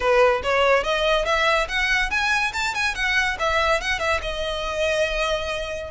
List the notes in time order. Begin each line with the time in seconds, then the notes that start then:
0.00 B4
0.43 C#5
0.83 D#5
1.25 E5
1.68 F#5
2.10 G#5
2.53 A5
2.74 G#5
2.94 F#5
3.39 E5
3.80 F#5
3.99 E5
4.22 D#5